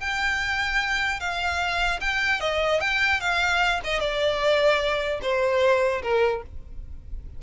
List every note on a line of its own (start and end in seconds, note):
0.00 1.20 G5
1.20 2.00 F5
2.01 2.40 G5
2.40 2.80 D#5
2.80 3.20 G5
3.21 3.81 F5
3.84 4.00 D#5
4.00 5.20 D5
5.22 6.02 C5
6.02 6.42 A#4